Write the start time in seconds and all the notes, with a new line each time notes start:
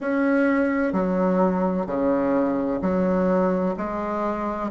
0.00 C#4
0.92 F#3
1.86 C#3
2.81 F#3
3.77 G#3